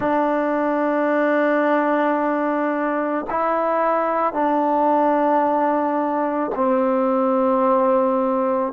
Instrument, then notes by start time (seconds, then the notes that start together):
trombone
0.00 D4
3.30 E4
4.33 D4
6.55 C4